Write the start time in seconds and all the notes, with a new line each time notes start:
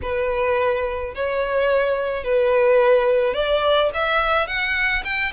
0.02 B4
1.14 C#5
2.24 B4
3.33 D5
3.94 E5
4.47 F#5
5.04 G5